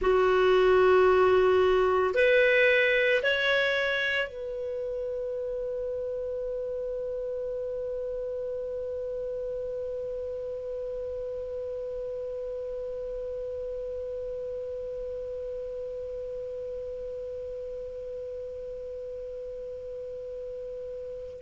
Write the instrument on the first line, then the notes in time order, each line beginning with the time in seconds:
clarinet
0.01 F#4
2.14 B4
3.22 C#5
4.28 B4